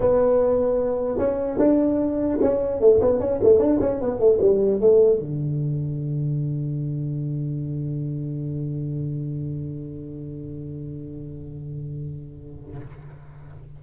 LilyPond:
\new Staff \with { instrumentName = "tuba" } { \time 4/4 \tempo 4 = 150 b2. cis'4 | d'2 cis'4 a8 b8 | cis'8 a8 d'8 cis'8 b8 a8 g4 | a4 d2.~ |
d1~ | d1~ | d1~ | d1 | }